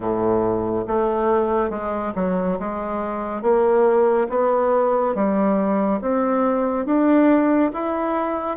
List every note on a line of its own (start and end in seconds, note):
0.00 0.85 A2
0.87 1.69 A3
1.69 2.12 G#3
2.15 2.58 F#3
2.59 3.42 G#3
3.42 4.27 A#3
4.29 5.14 B3
5.14 6.00 G3
6.01 6.85 C4
6.85 7.71 D4
7.73 8.56 E4